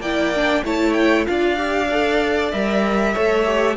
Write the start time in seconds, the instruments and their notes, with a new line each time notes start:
0.00 cello A#3, viola E4, violin D5 G5
0.35 viola D4
0.64 cello A3, viola E4, violin C#5 A5
0.93 violin G5
1.26 cello D4, viola F4, violin D5 F5
1.57 viola G4
1.91 viola A4
2.51 cello G3, viola A#4, violin E5
3.13 cello A3, viola A4, violin C#5
3.45 viola G4